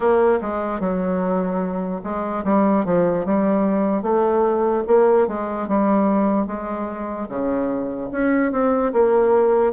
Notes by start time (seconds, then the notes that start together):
0.00 A#3
0.41 G#3
0.80 F#3
2.03 G#3
2.44 G3
2.85 F3
3.25 G3
4.02 A3
4.86 A#3
5.27 G#3
5.68 G3
6.46 G#3
7.29 C#3
8.11 C#4
8.51 C4
8.92 A#3